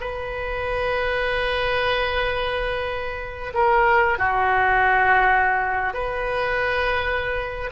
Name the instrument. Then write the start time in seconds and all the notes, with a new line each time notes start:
oboe
0.00 B4
3.54 A#4
4.18 F#4
5.94 B4